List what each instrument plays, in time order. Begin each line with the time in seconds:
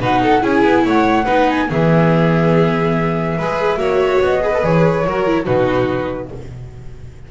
0.00 double bass B2, viola D#4, violin B4, flute F#5
0.22 violin A4
0.41 double bass C#4, viola E4, violin G#4, flute G#5
0.64 double bass B3
0.85 double bass A3, violin C#5, flute F#5
1.24 double bass B3, viola D#4, violin B4
1.50 flute G#5
1.69 double bass E3, viola B3, violin G#4, flute E5
3.37 double bass G#3, viola G#4, violin B4
3.76 double bass A#3, viola F#4, violin C#5
4.21 double bass B3, flute D#5
4.41 viola G#4, violin B4
4.54 viola A4
4.62 double bass E3, viola G#4, flute C#5
5.05 double bass F#3, viola F#4, violin A#4
5.26 viola E4
5.45 double bass B2, viola D#4, violin F#4, flute B4